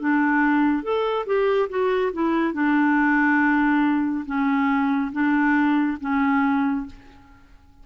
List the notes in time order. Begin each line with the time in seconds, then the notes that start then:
0.00 D4
0.83 A4
1.26 G4
1.69 F#4
2.13 E4
2.54 D4
4.26 C#4
5.12 D4
6.01 C#4